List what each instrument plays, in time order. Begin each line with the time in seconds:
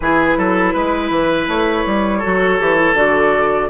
0.00 bassoon E3, clarinet E4, oboe G#4, flute B4
0.37 bassoon F#3, oboe A4
0.73 bassoon G#3, oboe B4
1.10 bassoon E3
1.47 bassoon A3, flute C#5
1.86 bassoon G3
2.18 clarinet F#4, oboe A4
2.25 bassoon F#3
2.59 bassoon E3, clarinet G4
2.75 clarinet E4
2.93 bassoon D3, clarinet F#4, flute D5